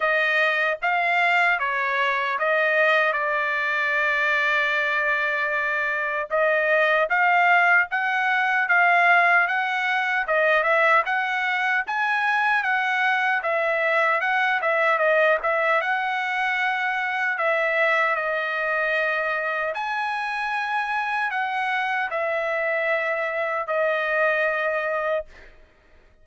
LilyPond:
\new Staff \with { instrumentName = "trumpet" } { \time 4/4 \tempo 4 = 76 dis''4 f''4 cis''4 dis''4 | d''1 | dis''4 f''4 fis''4 f''4 | fis''4 dis''8 e''8 fis''4 gis''4 |
fis''4 e''4 fis''8 e''8 dis''8 e''8 | fis''2 e''4 dis''4~ | dis''4 gis''2 fis''4 | e''2 dis''2 | }